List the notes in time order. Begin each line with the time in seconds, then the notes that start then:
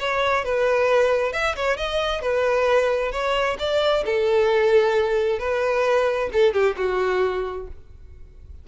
0.00 C#5
0.45 B4
1.33 E5
1.56 C#5
1.77 D#5
2.22 B4
3.13 C#5
3.59 D5
4.06 A4
5.40 B4
6.33 A4
6.54 G4
6.78 F#4